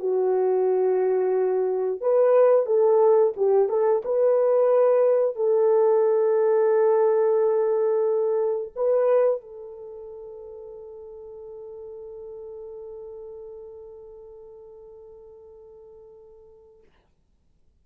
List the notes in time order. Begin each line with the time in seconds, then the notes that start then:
0.00 F#4
2.01 B4
2.66 A4
3.37 G4
3.69 A4
4.05 B4
5.36 A4
8.76 B4
9.41 A4